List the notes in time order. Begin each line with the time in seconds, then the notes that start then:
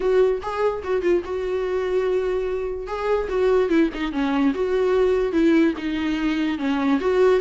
0.00 F#4
0.41 G#4
0.83 F#4
1.02 F4
1.24 F#4
2.87 G#4
3.28 F#4
3.69 E4
3.94 D#4
4.12 C#4
4.54 F#4
5.32 E4
5.77 D#4
6.58 C#4
7.00 F#4